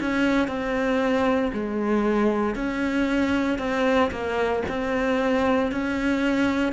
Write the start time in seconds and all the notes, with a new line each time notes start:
0.00 C#4
0.47 C4
1.52 G#3
2.54 C#4
3.58 C4
4.11 A#3
4.68 C4
5.71 C#4